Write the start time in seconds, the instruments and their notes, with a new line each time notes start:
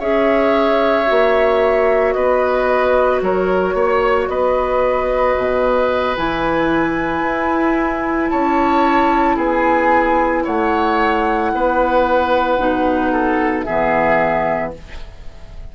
0.00 bassoon C#4, clarinet G#4, oboe C#5, flute E5
1.05 clarinet F#4
1.11 bassoon A#3
2.13 bassoon B3, oboe B4, flute D#5
3.22 bassoon F#3, oboe A#4, flute C#5
3.74 bassoon A#3, oboe C#5
4.29 bassoon B3, oboe B4, flute D#5
5.37 bassoon B2
6.17 bassoon E3, clarinet E4, flute G#5
7.22 bassoon E4
8.30 bassoon C#4, oboe C#5, flute A5
9.36 bassoon B3, oboe G#4, flute G#5
10.44 bassoon A3, oboe C#5, flute F#5
11.53 bassoon B3, oboe B4
12.58 bassoon B2, clarinet D#4
13.12 oboe A4
13.63 bassoon E3, clarinet B3, oboe G#4, flute E5